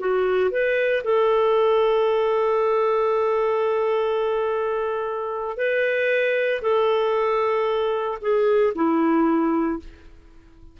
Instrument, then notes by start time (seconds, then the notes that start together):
clarinet
0.00 F#4
0.51 B4
1.04 A4
5.57 B4
6.62 A4
8.22 G#4
8.75 E4